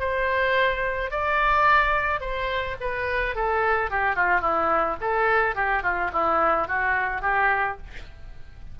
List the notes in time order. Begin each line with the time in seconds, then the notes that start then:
0.00 C5
1.11 D5
2.21 C5
2.81 B4
3.36 A4
3.91 G4
4.16 F4
4.41 E4
5.01 A4
5.56 G4
5.83 F4
6.13 E4
6.68 F#4
7.22 G4